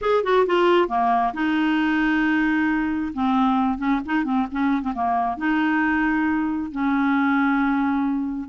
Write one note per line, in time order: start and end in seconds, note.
0.01 0.23 G#4
0.23 0.46 F#4
0.46 0.88 F4
0.88 1.33 A#3
1.33 3.12 D#4
3.13 3.78 C4
3.78 4.00 C#4
4.05 4.24 D#4
4.24 4.46 C4
4.51 4.82 C#4
4.82 4.93 C4
4.94 5.37 A#3
5.37 6.71 D#4
6.71 8.48 C#4